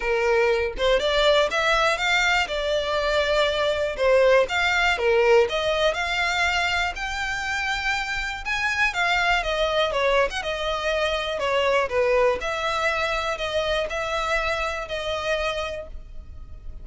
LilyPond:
\new Staff \with { instrumentName = "violin" } { \time 4/4 \tempo 4 = 121 ais'4. c''8 d''4 e''4 | f''4 d''2. | c''4 f''4 ais'4 dis''4 | f''2 g''2~ |
g''4 gis''4 f''4 dis''4 | cis''8. fis''16 dis''2 cis''4 | b'4 e''2 dis''4 | e''2 dis''2 | }